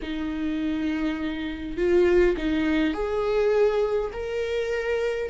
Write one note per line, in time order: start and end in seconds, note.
0.02 1.77 D#4
1.77 2.36 F4
2.37 2.93 D#4
2.93 4.11 G#4
4.12 5.29 A#4